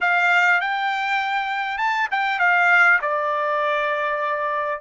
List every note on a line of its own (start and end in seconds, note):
0.01 0.60 F5
0.60 1.78 G5
1.78 2.08 A5
2.11 2.39 G5
2.39 2.99 F5
3.01 4.81 D5